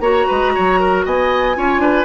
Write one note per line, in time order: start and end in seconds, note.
0.00 0.26 A#3
0.00 1.55 F#4
0.00 0.27 C#5
0.00 1.03 A#5
0.27 0.57 G#3
0.27 0.53 B4
0.55 1.06 F#3
0.55 0.80 C#5
0.80 1.05 A#4
1.05 1.57 B3
1.05 1.57 D#5
1.05 2.05 G#5
1.55 1.79 C#4
1.55 2.05 F4
1.55 1.82 C#5
1.79 2.04 D4
1.79 2.05 B4